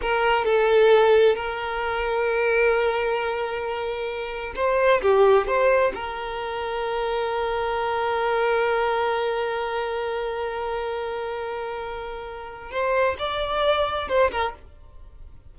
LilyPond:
\new Staff \with { instrumentName = "violin" } { \time 4/4 \tempo 4 = 132 ais'4 a'2 ais'4~ | ais'1~ | ais'2 c''4 g'4 | c''4 ais'2.~ |
ais'1~ | ais'1~ | ais'1 | c''4 d''2 c''8 ais'8 | }